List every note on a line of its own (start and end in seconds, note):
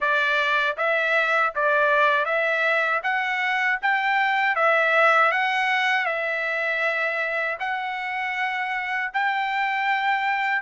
0.00 0.76 D5
0.77 1.53 E5
1.55 2.25 D5
2.25 3.01 E5
3.03 3.79 F#5
3.81 4.55 G5
4.55 5.31 E5
5.31 6.06 F#5
6.06 7.57 E5
7.59 9.11 F#5
9.13 10.62 G5